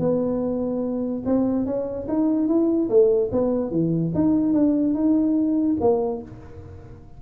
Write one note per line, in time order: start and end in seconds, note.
0.00 1.23 B3
1.26 1.66 C4
1.66 2.08 C#4
2.08 2.48 D#4
2.48 2.89 E4
2.90 3.31 A3
3.32 3.72 B3
3.72 4.13 E3
4.15 4.54 D#4
4.54 4.95 D4
4.95 5.77 D#4
5.81 6.22 A#3